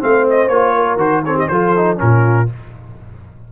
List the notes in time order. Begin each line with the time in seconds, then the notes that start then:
0.00 A3 C4 C5 F5
0.30 D#5
0.49 A#3 F4 C#5
0.75 A#4
0.97 D#3 F#4 C5
1.25 C4 A4 C#5
1.35 G4 D#5
1.48 F3 F4 A4 C5
1.77 D#4
1.97 A#2 C#4 F4 A#4